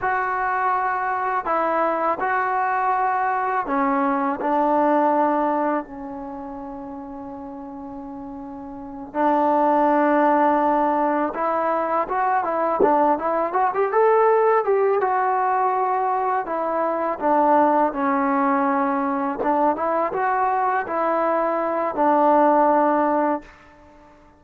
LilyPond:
\new Staff \with { instrumentName = "trombone" } { \time 4/4 \tempo 4 = 82 fis'2 e'4 fis'4~ | fis'4 cis'4 d'2 | cis'1~ | cis'8 d'2. e'8~ |
e'8 fis'8 e'8 d'8 e'8 fis'16 g'16 a'4 | g'8 fis'2 e'4 d'8~ | d'8 cis'2 d'8 e'8 fis'8~ | fis'8 e'4. d'2 | }